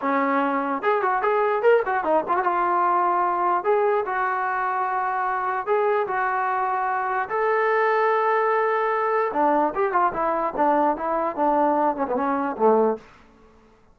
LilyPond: \new Staff \with { instrumentName = "trombone" } { \time 4/4 \tempo 4 = 148 cis'2 gis'8 fis'8 gis'4 | ais'8 fis'8 dis'8 f'16 fis'16 f'2~ | f'4 gis'4 fis'2~ | fis'2 gis'4 fis'4~ |
fis'2 a'2~ | a'2. d'4 | g'8 f'8 e'4 d'4 e'4 | d'4. cis'16 b16 cis'4 a4 | }